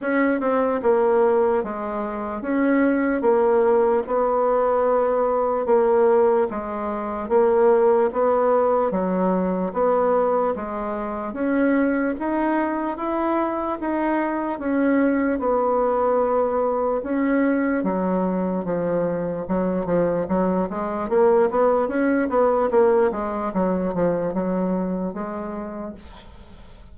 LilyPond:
\new Staff \with { instrumentName = "bassoon" } { \time 4/4 \tempo 4 = 74 cis'8 c'8 ais4 gis4 cis'4 | ais4 b2 ais4 | gis4 ais4 b4 fis4 | b4 gis4 cis'4 dis'4 |
e'4 dis'4 cis'4 b4~ | b4 cis'4 fis4 f4 | fis8 f8 fis8 gis8 ais8 b8 cis'8 b8 | ais8 gis8 fis8 f8 fis4 gis4 | }